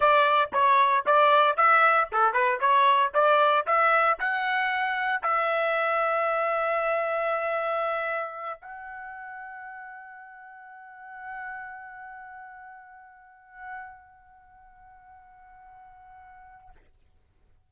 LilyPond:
\new Staff \with { instrumentName = "trumpet" } { \time 4/4 \tempo 4 = 115 d''4 cis''4 d''4 e''4 | a'8 b'8 cis''4 d''4 e''4 | fis''2 e''2~ | e''1~ |
e''8 fis''2.~ fis''8~ | fis''1~ | fis''1~ | fis''1 | }